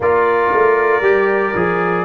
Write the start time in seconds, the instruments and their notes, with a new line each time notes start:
0.00 tuba A#3, trombone F4, horn A#4, trumpet D5
0.52 tuba A3
1.00 tuba G3, trombone G4
1.55 tuba F3, trombone G#4